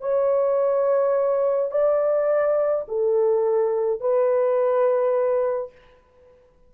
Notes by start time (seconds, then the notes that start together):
0.00 C#5
1.71 D5
2.88 A4
4.00 B4